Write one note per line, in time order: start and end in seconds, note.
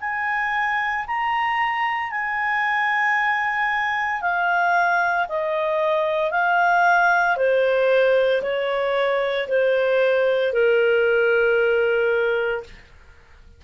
0.00 1.05 G#5
1.07 2.11 A#5
2.11 4.22 G#5
4.22 5.27 F5
5.28 6.31 D#5
6.31 7.36 F5
7.36 8.42 C5
8.42 9.47 C#5
9.48 10.53 C5
10.53 12.63 A#4